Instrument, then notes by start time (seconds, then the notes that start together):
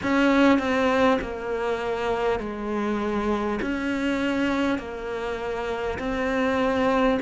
cello
0.03 C#4
0.58 C4
1.21 A#3
2.39 G#3
3.61 C#4
4.78 A#3
5.98 C4